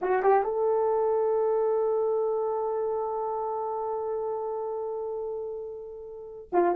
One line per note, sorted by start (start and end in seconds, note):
0.01 0.22 F#4
0.22 0.44 G4
0.44 6.48 A4
6.52 6.75 F4